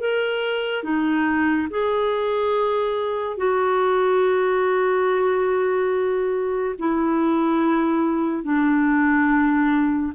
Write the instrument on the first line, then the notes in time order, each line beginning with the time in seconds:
clarinet
0.00 A#4
0.83 D#4
1.71 G#4
3.37 F#4
6.79 E4
8.44 D4